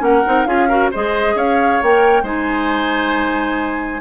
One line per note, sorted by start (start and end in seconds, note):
0.00 0.23 A#3
0.00 0.22 C#4
0.00 0.48 A#4
0.00 0.45 F#5
0.25 0.46 C4
0.25 0.47 D#4
0.45 0.90 C#4
0.45 0.69 F4
0.45 0.68 G#4
0.45 0.89 F5
0.68 0.92 F#4
0.68 0.91 A#4
0.91 1.35 G#3
0.91 1.83 G#4
0.91 1.35 C5
0.91 1.38 D#5
1.35 1.80 C#4
1.35 2.23 C#5
1.35 1.83 F5
1.82 2.23 A#3
1.82 2.24 A#4
1.82 2.25 G5
2.23 4.00 G#3
2.23 4.01 D#4
2.23 4.01 C5
2.23 4.01 G#5